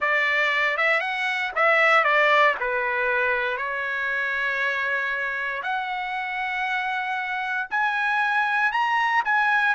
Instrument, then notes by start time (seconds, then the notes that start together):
trumpet
0.00 D5
0.77 E5
1.00 F#5
1.55 E5
2.04 D5
2.60 B4
3.57 C#5
5.62 F#5
7.70 G#5
8.72 A#5
9.24 G#5